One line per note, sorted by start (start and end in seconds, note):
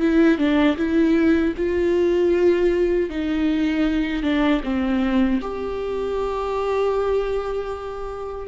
0.00 0.38 E4
0.38 0.76 D4
0.77 1.54 E4
1.57 3.09 F4
3.09 4.23 D#4
4.23 4.61 D4
4.63 5.40 C4
5.41 8.47 G4